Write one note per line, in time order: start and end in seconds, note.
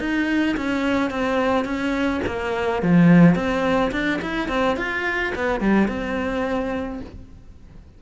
0.00 0.56 D#4
0.57 1.10 C#4
1.10 1.65 C4
1.65 2.21 C#4
2.27 2.82 A#3
2.82 3.35 F3
3.35 3.92 C4
3.92 4.20 D4
4.22 4.49 E4
4.49 4.77 C4
4.77 5.33 F4
5.36 5.60 B3
5.60 5.88 G3
5.88 7.00 C4